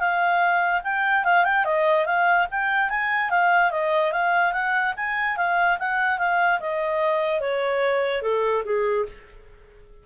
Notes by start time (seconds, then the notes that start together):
0.00 F5
0.84 G5
1.25 F5
1.45 G5
1.65 D#5
2.06 F5
2.51 G5
2.90 G#5
3.30 F5
3.71 D#5
4.12 F5
4.53 F#5
4.97 G#5
5.37 F5
5.79 F#5
6.19 F5
6.61 D#5
7.41 C#5
8.22 A4
8.65 G#4